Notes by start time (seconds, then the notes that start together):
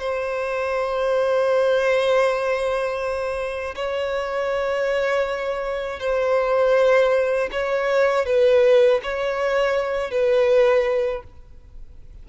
0.00 C5
3.76 C#5
6.00 C5
7.52 C#5
8.26 B4
9.03 C#5
10.11 B4